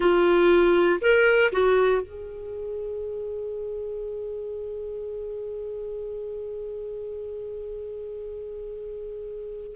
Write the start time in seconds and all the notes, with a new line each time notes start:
0.00 F4
1.01 A#4
1.51 F#4
2.01 G#4